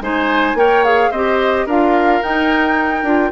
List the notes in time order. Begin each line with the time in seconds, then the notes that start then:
0.00 G#3 D#4 C5 G#5
0.54 A#3 A#4 C#5 G5
0.84 G#4 F5
1.10 C4 G4 C5 D#5
1.66 D4 F4 A#4 F5
2.22 D#4 G5
3.02 D4 F4